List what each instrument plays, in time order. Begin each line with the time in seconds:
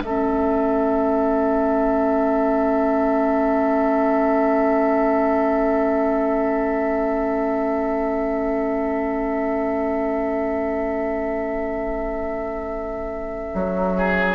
0.00 bassoon A3, clarinet C#4, oboe A4, flute E5
13.54 bassoon F#3
13.97 oboe G#4